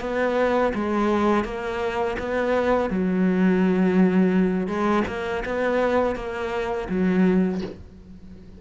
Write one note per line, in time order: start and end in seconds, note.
0.00 0.72 B3
0.74 1.44 G#3
1.44 2.17 A#3
2.19 2.89 B3
2.89 4.67 F#3
4.67 5.03 G#3
5.07 5.43 A#3
5.45 6.15 B3
6.15 6.88 A#3
6.89 7.61 F#3